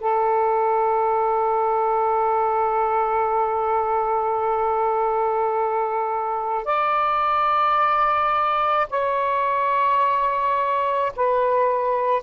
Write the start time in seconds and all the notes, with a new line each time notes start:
0.00 A4
6.64 D5
8.90 C#5
11.16 B4